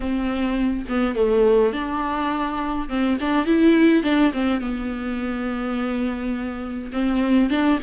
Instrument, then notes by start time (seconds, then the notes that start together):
viola
0.00 C4
0.88 B3
1.15 A3
1.73 D4
2.88 C4
3.20 D4
3.46 E4
4.03 D4
4.33 C4
4.60 B3
6.92 C4
7.49 D4